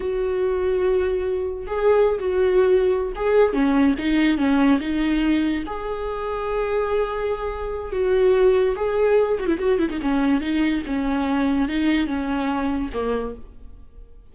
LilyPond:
\new Staff \with { instrumentName = "viola" } { \time 4/4 \tempo 4 = 144 fis'1 | gis'4~ gis'16 fis'2~ fis'16 gis'8~ | gis'8 cis'4 dis'4 cis'4 dis'8~ | dis'4. gis'2~ gis'8~ |
gis'2. fis'4~ | fis'4 gis'4. fis'16 e'16 fis'8 e'16 dis'16 | cis'4 dis'4 cis'2 | dis'4 cis'2 ais4 | }